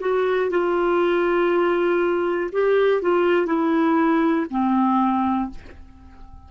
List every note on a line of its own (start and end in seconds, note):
0.00 0.50 F#4
0.50 2.50 F4
2.52 3.02 G4
3.02 3.46 F4
3.46 4.46 E4
4.50 5.50 C4